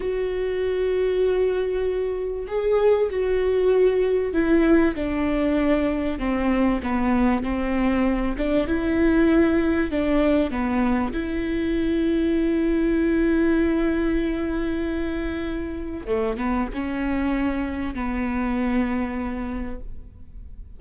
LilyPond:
\new Staff \with { instrumentName = "viola" } { \time 4/4 \tempo 4 = 97 fis'1 | gis'4 fis'2 e'4 | d'2 c'4 b4 | c'4. d'8 e'2 |
d'4 b4 e'2~ | e'1~ | e'2 a8 b8 cis'4~ | cis'4 b2. | }